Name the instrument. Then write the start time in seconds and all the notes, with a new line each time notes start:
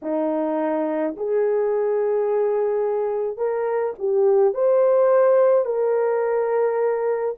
horn
0.02 D#4
1.16 G#4
3.37 A#4
3.99 G4
4.54 C5
5.65 A#4